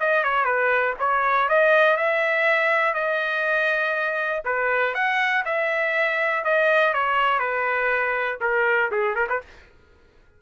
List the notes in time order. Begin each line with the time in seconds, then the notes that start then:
0.00 D#5
0.24 C#5
0.45 B4
0.99 C#5
1.49 D#5
1.97 E5
2.94 D#5
4.45 B4
4.94 F#5
5.45 E5
6.45 D#5
6.94 C#5
7.39 B4
8.41 A#4
8.91 G#4
9.15 A#4
9.29 B4